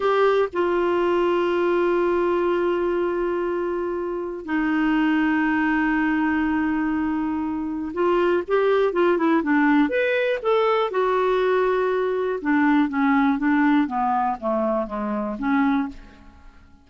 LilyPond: \new Staff \with { instrumentName = "clarinet" } { \time 4/4 \tempo 4 = 121 g'4 f'2.~ | f'1~ | f'4 dis'2.~ | dis'1 |
f'4 g'4 f'8 e'8 d'4 | b'4 a'4 fis'2~ | fis'4 d'4 cis'4 d'4 | b4 a4 gis4 cis'4 | }